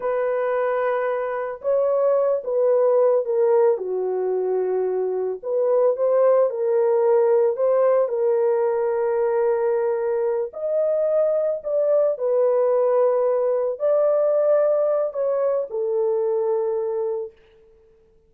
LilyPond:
\new Staff \with { instrumentName = "horn" } { \time 4/4 \tempo 4 = 111 b'2. cis''4~ | cis''8 b'4. ais'4 fis'4~ | fis'2 b'4 c''4 | ais'2 c''4 ais'4~ |
ais'2.~ ais'8 dis''8~ | dis''4. d''4 b'4.~ | b'4. d''2~ d''8 | cis''4 a'2. | }